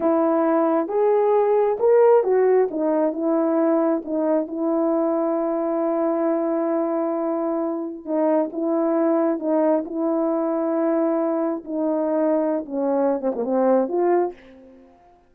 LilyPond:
\new Staff \with { instrumentName = "horn" } { \time 4/4 \tempo 4 = 134 e'2 gis'2 | ais'4 fis'4 dis'4 e'4~ | e'4 dis'4 e'2~ | e'1~ |
e'2 dis'4 e'4~ | e'4 dis'4 e'2~ | e'2 dis'2~ | dis'16 cis'4~ cis'16 c'16 ais16 c'4 f'4 | }